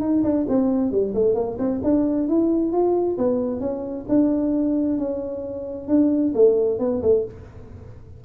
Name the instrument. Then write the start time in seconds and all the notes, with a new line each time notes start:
tuba
0.00 D#4
0.23 D4
0.48 C4
0.91 G3
1.14 A3
1.35 A#3
1.59 C4
1.83 D4
2.28 E4
2.72 F4
3.18 B3
3.60 C#4
4.08 D4
4.98 C#4
5.88 D4
6.35 A3
6.79 B3
7.02 A3